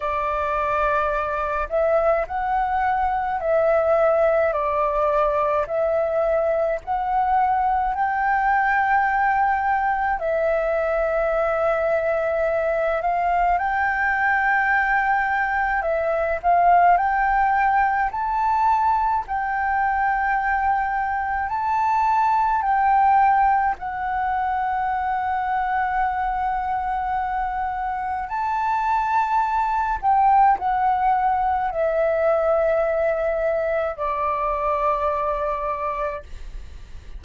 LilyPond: \new Staff \with { instrumentName = "flute" } { \time 4/4 \tempo 4 = 53 d''4. e''8 fis''4 e''4 | d''4 e''4 fis''4 g''4~ | g''4 e''2~ e''8 f''8 | g''2 e''8 f''8 g''4 |
a''4 g''2 a''4 | g''4 fis''2.~ | fis''4 a''4. g''8 fis''4 | e''2 d''2 | }